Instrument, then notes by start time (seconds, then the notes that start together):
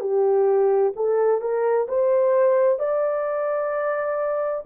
horn
0.00 G4
0.95 A4
1.41 A#4
1.88 C5
2.79 D5